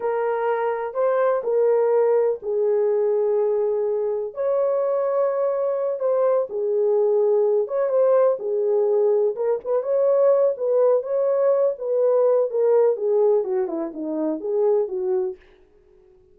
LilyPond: \new Staff \with { instrumentName = "horn" } { \time 4/4 \tempo 4 = 125 ais'2 c''4 ais'4~ | ais'4 gis'2.~ | gis'4 cis''2.~ | cis''8 c''4 gis'2~ gis'8 |
cis''8 c''4 gis'2 ais'8 | b'8 cis''4. b'4 cis''4~ | cis''8 b'4. ais'4 gis'4 | fis'8 e'8 dis'4 gis'4 fis'4 | }